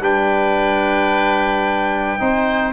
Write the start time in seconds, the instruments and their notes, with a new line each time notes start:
0.00 tuba G3, trombone D4, oboe B4, trumpet G5
2.19 tuba C4, trombone D#4, oboe C5